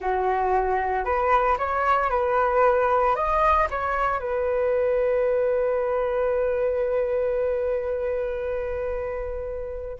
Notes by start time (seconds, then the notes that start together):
0.00 F#4
1.04 B4
1.58 C#5
2.10 B4
3.15 D#5
3.70 C#5
4.19 B4